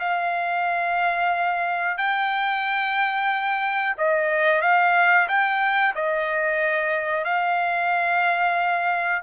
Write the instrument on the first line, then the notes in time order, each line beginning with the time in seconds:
trumpet
0.00 F5
1.98 G5
3.98 D#5
4.62 F5
5.29 G5
5.96 D#5
7.25 F5